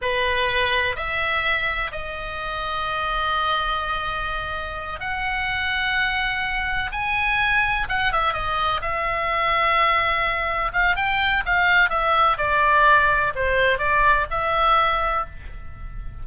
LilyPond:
\new Staff \with { instrumentName = "oboe" } { \time 4/4 \tempo 4 = 126 b'2 e''2 | dis''1~ | dis''2~ dis''8 fis''4.~ | fis''2~ fis''8 gis''4.~ |
gis''8 fis''8 e''8 dis''4 e''4.~ | e''2~ e''8 f''8 g''4 | f''4 e''4 d''2 | c''4 d''4 e''2 | }